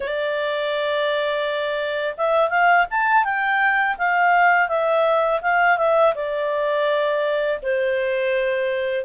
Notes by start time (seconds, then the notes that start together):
0.00 D5
2.17 E5
2.49 F5
2.90 A5
3.24 G5
3.98 F5
4.68 E5
5.41 F5
5.77 E5
6.14 D5
7.62 C5